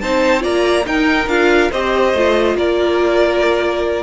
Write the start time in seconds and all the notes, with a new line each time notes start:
0.00 C4 D#4 C5 A5
0.41 A#3 F4 D5 A#5
0.86 D#4 A#4 G5
1.27 D4 F4 F5
1.72 C4 G4 C5 D#5
2.14 A3 F4
2.55 A#3 A#4 D5